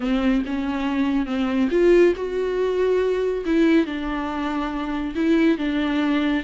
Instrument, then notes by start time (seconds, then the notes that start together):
viola
0.00 C4
0.46 C#4
1.26 C4
1.70 F4
2.16 F#4
3.45 E4
3.86 D4
5.15 E4
5.58 D4